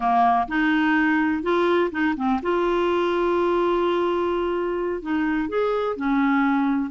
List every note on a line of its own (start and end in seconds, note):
0.00 0.47 A#3
0.48 1.42 D#4
1.42 1.90 F4
1.91 2.15 D#4
2.16 2.40 C4
2.42 5.02 F4
5.02 5.48 D#4
5.48 5.96 G#4
5.96 6.90 C#4